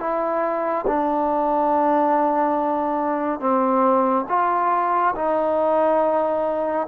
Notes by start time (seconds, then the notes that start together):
0.00 E4
0.88 D4
3.41 C4
4.29 F4
5.16 D#4